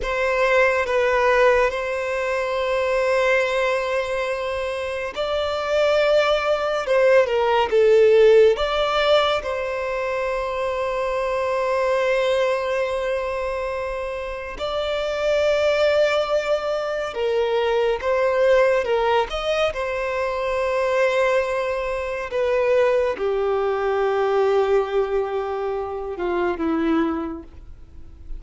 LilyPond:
\new Staff \with { instrumentName = "violin" } { \time 4/4 \tempo 4 = 70 c''4 b'4 c''2~ | c''2 d''2 | c''8 ais'8 a'4 d''4 c''4~ | c''1~ |
c''4 d''2. | ais'4 c''4 ais'8 dis''8 c''4~ | c''2 b'4 g'4~ | g'2~ g'8 f'8 e'4 | }